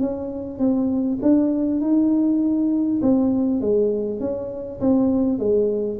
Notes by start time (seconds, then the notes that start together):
0.00 C#4
0.58 C4
1.22 D4
1.80 D#4
3.02 C4
3.60 G#3
4.19 C#4
4.80 C4
5.38 G#3